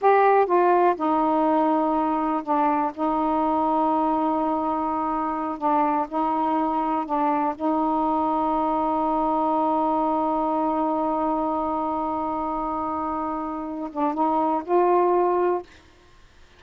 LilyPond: \new Staff \with { instrumentName = "saxophone" } { \time 4/4 \tempo 4 = 123 g'4 f'4 dis'2~ | dis'4 d'4 dis'2~ | dis'2.~ dis'8 d'8~ | d'8 dis'2 d'4 dis'8~ |
dis'1~ | dis'1~ | dis'1~ | dis'8 d'8 dis'4 f'2 | }